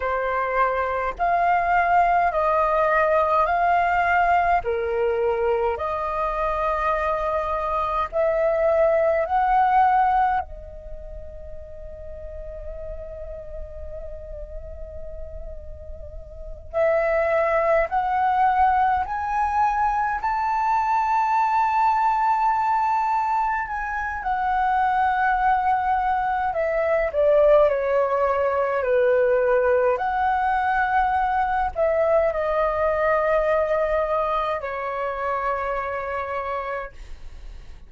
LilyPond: \new Staff \with { instrumentName = "flute" } { \time 4/4 \tempo 4 = 52 c''4 f''4 dis''4 f''4 | ais'4 dis''2 e''4 | fis''4 dis''2.~ | dis''2~ dis''8 e''4 fis''8~ |
fis''8 gis''4 a''2~ a''8~ | a''8 gis''8 fis''2 e''8 d''8 | cis''4 b'4 fis''4. e''8 | dis''2 cis''2 | }